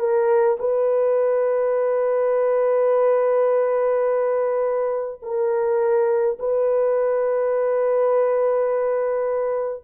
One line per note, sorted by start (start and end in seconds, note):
0.00 0.58 A#4
0.59 5.21 B4
5.22 6.38 A#4
6.39 9.84 B4